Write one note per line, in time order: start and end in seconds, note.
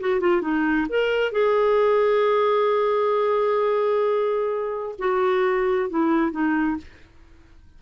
0.00 0.20 F#4
0.20 0.41 F4
0.41 0.86 D#4
0.89 1.32 A#4
1.32 4.95 G#4
4.98 5.89 F#4
5.89 6.31 E4
6.31 6.76 D#4